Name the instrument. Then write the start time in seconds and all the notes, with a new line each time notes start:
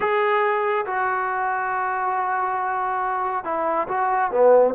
trombone
0.00 G#4
0.86 F#4
3.44 E4
3.88 F#4
4.31 B3